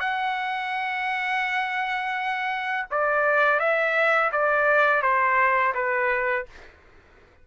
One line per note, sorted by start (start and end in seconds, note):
0.00 2.86 F#5
2.91 3.59 D5
3.59 4.31 E5
4.32 5.02 D5
5.02 5.73 C5
5.74 6.46 B4